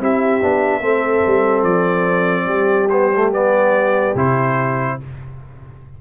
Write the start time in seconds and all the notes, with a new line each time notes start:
0.00 C4 E4 G4 E5
0.42 B3 D4
0.80 A3 C4 A4
1.26 G3
1.62 F3 D5
2.45 G3 G4
2.89 B3 C5
3.16 A3
3.32 B3 D5
4.15 C3 E4 C5